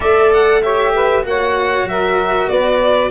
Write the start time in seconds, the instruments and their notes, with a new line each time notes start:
0.00 tuba A3, cello A4, saxophone D5, violin E5
0.33 violin F#5
0.62 cello G4, saxophone C#5, violin E5
0.94 saxophone B4
1.22 tuba A#3, cello F#4, saxophone C#5, violin F#5
1.84 tuba F#3, saxophone A#4, violin E5
2.48 tuba B3, saxophone B4, violin D5